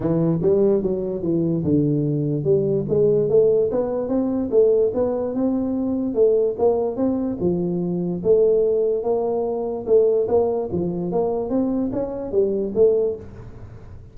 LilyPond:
\new Staff \with { instrumentName = "tuba" } { \time 4/4 \tempo 4 = 146 e4 g4 fis4 e4 | d2 g4 gis4 | a4 b4 c'4 a4 | b4 c'2 a4 |
ais4 c'4 f2 | a2 ais2 | a4 ais4 f4 ais4 | c'4 cis'4 g4 a4 | }